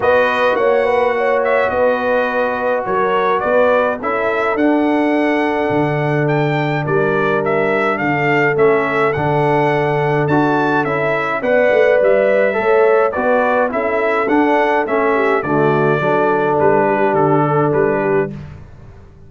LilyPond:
<<
  \new Staff \with { instrumentName = "trumpet" } { \time 4/4 \tempo 4 = 105 dis''4 fis''4. e''8 dis''4~ | dis''4 cis''4 d''4 e''4 | fis''2. g''4 | d''4 e''4 f''4 e''4 |
fis''2 a''4 e''4 | fis''4 e''2 d''4 | e''4 fis''4 e''4 d''4~ | d''4 b'4 a'4 b'4 | }
  \new Staff \with { instrumentName = "horn" } { \time 4/4 b'4 cis''8 b'8 cis''4 b'4~ | b'4 ais'4 b'4 a'4~ | a'1 | ais'2 a'2~ |
a'1 | d''2 cis''4 b'4 | a'2~ a'8 g'8 fis'4 | a'4. g'4 a'4 g'8 | }
  \new Staff \with { instrumentName = "trombone" } { \time 4/4 fis'1~ | fis'2. e'4 | d'1~ | d'2. cis'4 |
d'2 fis'4 e'4 | b'2 a'4 fis'4 | e'4 d'4 cis'4 a4 | d'1 | }
  \new Staff \with { instrumentName = "tuba" } { \time 4/4 b4 ais2 b4~ | b4 fis4 b4 cis'4 | d'2 d2 | g2 d4 a4 |
d2 d'4 cis'4 | b8 a8 g4 a4 b4 | cis'4 d'4 a4 d4 | fis4 g4 d4 g4 | }
>>